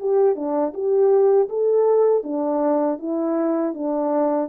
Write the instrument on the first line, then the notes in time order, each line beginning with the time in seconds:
horn
0.00 G4
0.36 D4
0.74 G4
1.49 A4
2.24 D4
2.99 E4
3.74 D4